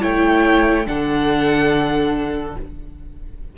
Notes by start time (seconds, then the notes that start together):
0.00 A3 E4 C#5 G5
0.85 D3 D4 A4 F#5